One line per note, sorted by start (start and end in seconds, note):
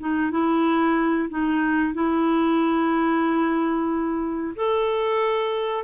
0.00 0.31 D#4
0.31 1.29 E4
1.30 1.94 D#4
1.94 4.55 E4
4.56 5.84 A4